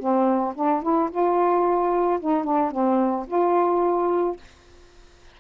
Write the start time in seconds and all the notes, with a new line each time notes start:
0.00 C4
0.56 D4
0.83 E4
1.11 F4
2.20 D#4
2.44 D4
2.72 C4
3.28 F4